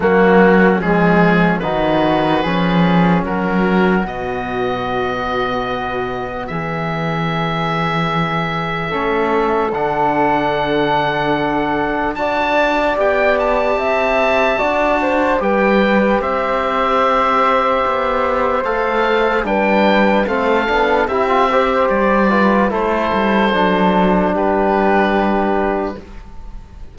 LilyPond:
<<
  \new Staff \with { instrumentName = "oboe" } { \time 4/4 \tempo 4 = 74 fis'4 gis'4 b'2 | ais'4 dis''2. | e''1 | fis''2. a''4 |
g''8 a''2~ a''8 g''4 | e''2. f''4 | g''4 f''4 e''4 d''4 | c''2 b'2 | }
  \new Staff \with { instrumentName = "flute" } { \time 4/4 cis'2 fis'4 gis'4 | fis'1 | gis'2. a'4~ | a'2. d''4~ |
d''4 e''4 d''8 c''8 b'4 | c''1 | b'4 a'4 g'8 c''4 b'8 | a'2 g'2 | }
  \new Staff \with { instrumentName = "trombone" } { \time 4/4 ais4 gis4 dis'4 cis'4~ | cis'4 b2.~ | b2. cis'4 | d'2. fis'4 |
g'2 fis'4 g'4~ | g'2. a'4 | d'4 c'8 d'8 e'16 f'16 g'4 f'8 | e'4 d'2. | }
  \new Staff \with { instrumentName = "cello" } { \time 4/4 fis4 f4 dis4 f4 | fis4 b,2. | e2. a4 | d2. d'4 |
b4 c'4 d'4 g4 | c'2 b4 a4 | g4 a8 b8 c'4 g4 | a8 g8 fis4 g2 | }
>>